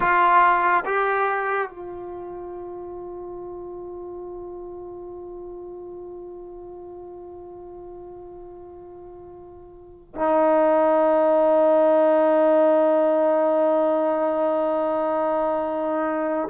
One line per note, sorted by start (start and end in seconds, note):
0.00 0.83 F4
0.85 1.69 G4
1.69 10.14 F4
10.15 16.49 D#4